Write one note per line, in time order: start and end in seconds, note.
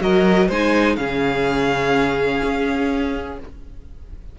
0.00 0.49 F#3
0.00 0.48 F#4
0.00 0.48 A#4
0.00 0.50 D#5
0.48 0.97 G#3
0.48 0.98 D#4
0.48 0.96 C5
0.48 0.96 G#5
0.96 2.41 C#3
0.96 3.38 C#4
0.96 3.39 G#4
0.96 3.36 F5
2.43 3.39 C#4